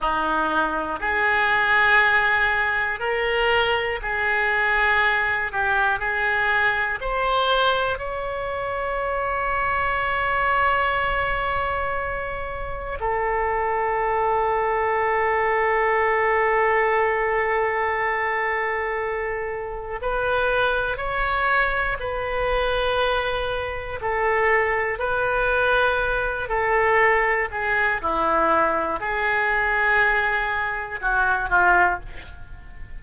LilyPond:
\new Staff \with { instrumentName = "oboe" } { \time 4/4 \tempo 4 = 60 dis'4 gis'2 ais'4 | gis'4. g'8 gis'4 c''4 | cis''1~ | cis''4 a'2.~ |
a'1 | b'4 cis''4 b'2 | a'4 b'4. a'4 gis'8 | e'4 gis'2 fis'8 f'8 | }